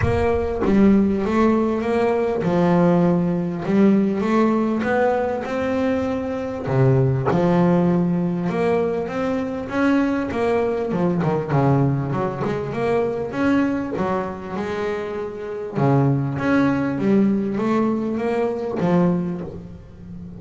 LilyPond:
\new Staff \with { instrumentName = "double bass" } { \time 4/4 \tempo 4 = 99 ais4 g4 a4 ais4 | f2 g4 a4 | b4 c'2 c4 | f2 ais4 c'4 |
cis'4 ais4 f8 dis8 cis4 | fis8 gis8 ais4 cis'4 fis4 | gis2 cis4 cis'4 | g4 a4 ais4 f4 | }